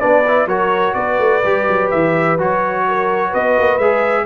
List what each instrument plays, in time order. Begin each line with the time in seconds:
0.00 tuba B3, trombone D4, horn B4, trumpet D5
0.28 trombone E4
0.46 tuba F#3, trombone F#4, horn A#4, trumpet C#5
0.94 tuba B3, horn B4, trumpet D5
1.19 tuba A3
1.44 tuba G3, trombone G4
1.69 tuba F#3
1.90 tuba E3, trumpet E5
2.38 tuba F#3, trombone F#4, trumpet C#5
2.88 horn A#4
3.29 tuba B3, horn B4, trumpet D#5
3.58 tuba A#3
3.78 tuba G#3, trombone G#4, trumpet E5